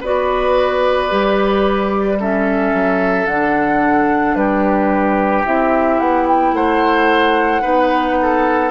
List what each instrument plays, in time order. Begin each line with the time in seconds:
0.00 bassoon B3, clarinet F#4, oboe B4, flute D5
1.09 bassoon G3, clarinet G4
2.20 clarinet C#4, oboe A4, flute E5
2.73 bassoon F#3
3.25 bassoon D3, clarinet D4, flute F#5
4.35 bassoon G3, oboe G4, flute B4
5.45 bassoon C4, clarinet E4, flute E5
5.99 bassoon B3, flute F#5
6.27 flute G5
6.52 bassoon A3, oboe C5, flute F#5
7.61 bassoon B3, clarinet D#4, oboe B4
8.21 oboe A4